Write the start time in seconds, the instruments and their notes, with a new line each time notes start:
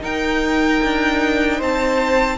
0.00 viola D#4, cello D#4, violin A#4 G5
0.83 cello D4
1.58 cello C4, violin C5 A5